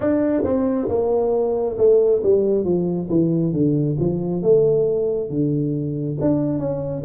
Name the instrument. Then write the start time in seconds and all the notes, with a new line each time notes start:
tuba
0.00 D4
0.44 C4
0.88 A#3
1.77 A3
2.23 G3
2.64 F3
3.09 E3
3.52 D3
3.99 F3
4.42 A3
5.29 D3
6.20 D4
6.58 C#4